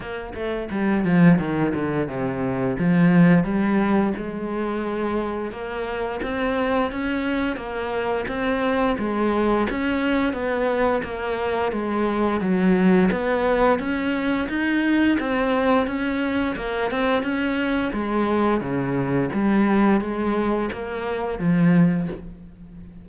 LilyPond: \new Staff \with { instrumentName = "cello" } { \time 4/4 \tempo 4 = 87 ais8 a8 g8 f8 dis8 d8 c4 | f4 g4 gis2 | ais4 c'4 cis'4 ais4 | c'4 gis4 cis'4 b4 |
ais4 gis4 fis4 b4 | cis'4 dis'4 c'4 cis'4 | ais8 c'8 cis'4 gis4 cis4 | g4 gis4 ais4 f4 | }